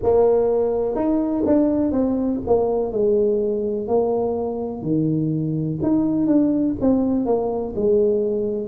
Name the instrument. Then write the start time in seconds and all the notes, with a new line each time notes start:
tuba
0.03 A#3
0.95 D#4
1.46 D4
1.91 C4
2.47 A#3
2.92 G#3
3.87 A#3
4.82 D#3
5.82 D#4
6.26 D4
6.80 C4
7.25 A#3
7.75 G#3